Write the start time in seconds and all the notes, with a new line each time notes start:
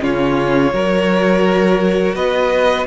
0.00 C#3 C#4 F4 C#5
0.73 F#3 F#4 A#4
2.14 B3 B4 D#5